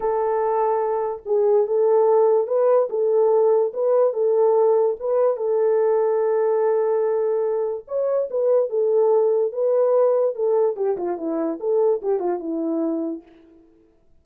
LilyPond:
\new Staff \with { instrumentName = "horn" } { \time 4/4 \tempo 4 = 145 a'2. gis'4 | a'2 b'4 a'4~ | a'4 b'4 a'2 | b'4 a'2.~ |
a'2. cis''4 | b'4 a'2 b'4~ | b'4 a'4 g'8 f'8 e'4 | a'4 g'8 f'8 e'2 | }